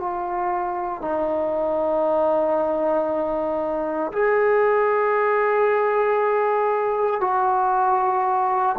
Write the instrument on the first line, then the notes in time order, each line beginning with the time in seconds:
trombone
0.00 F4
1.02 D#4
4.12 G#4
7.21 F#4